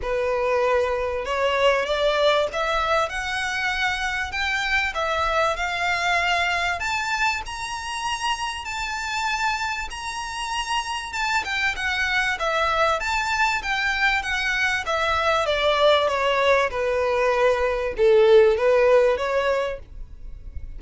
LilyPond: \new Staff \with { instrumentName = "violin" } { \time 4/4 \tempo 4 = 97 b'2 cis''4 d''4 | e''4 fis''2 g''4 | e''4 f''2 a''4 | ais''2 a''2 |
ais''2 a''8 g''8 fis''4 | e''4 a''4 g''4 fis''4 | e''4 d''4 cis''4 b'4~ | b'4 a'4 b'4 cis''4 | }